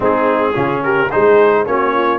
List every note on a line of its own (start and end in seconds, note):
0.00 0.55 G#3
0.00 0.53 C4
0.00 0.53 D#4
0.00 0.83 G#4
0.53 1.11 C#3
0.53 1.08 C#4
0.53 0.82 F4
0.83 1.10 G4
0.83 1.10 A#4
1.10 1.67 G#3
1.10 1.66 D#4
1.10 1.65 G#4
1.10 1.65 C5
1.66 2.18 A#3
1.66 2.18 C#4
1.66 1.93 F#4
1.66 2.18 C#5
1.93 2.18 F4